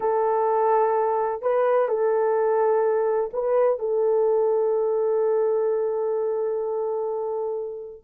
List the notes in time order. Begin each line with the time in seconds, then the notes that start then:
0.00 A4
1.42 B4
1.88 A4
3.33 B4
3.79 A4